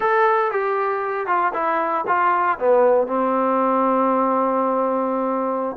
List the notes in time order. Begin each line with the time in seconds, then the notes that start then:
0.00 A4
0.51 G4
1.26 F4
1.53 E4
2.07 F4
2.59 B3
3.07 C4